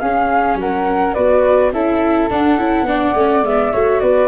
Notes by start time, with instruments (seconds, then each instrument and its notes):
0.00 viola C#4, tuba C#4, flute G#4 F5
0.55 tuba F#3, flute A#4 F#5
1.14 tuba B3, viola F#4, flute B4 D5
1.72 tuba C#4, viola E4, flute A4 E5
2.30 tuba D4, viola D4, flute F#5
2.58 tuba C#4, viola E4
2.83 tuba B3, viola D4, flute D5
3.14 tuba A3, viola C#4
3.42 tuba G#3, viola B3, flute E5
3.72 tuba A3, viola F#4, flute C#5
4.00 tuba B3, flute B4 D5